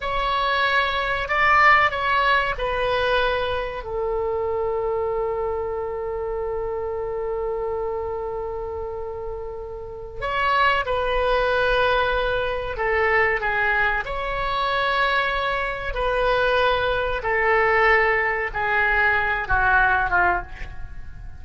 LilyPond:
\new Staff \with { instrumentName = "oboe" } { \time 4/4 \tempo 4 = 94 cis''2 d''4 cis''4 | b'2 a'2~ | a'1~ | a'1 |
cis''4 b'2. | a'4 gis'4 cis''2~ | cis''4 b'2 a'4~ | a'4 gis'4. fis'4 f'8 | }